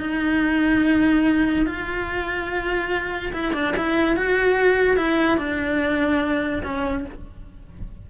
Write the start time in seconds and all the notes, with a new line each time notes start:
0.00 D#4
1.66 F4
3.33 E4
3.54 D4
3.77 E4
4.17 F#4
4.97 E4
5.38 D4
6.64 C#4